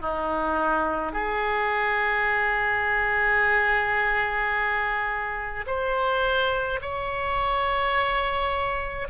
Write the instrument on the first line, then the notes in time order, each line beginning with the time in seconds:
oboe
0.00 D#4
1.12 G#4
5.66 C5
6.81 C#5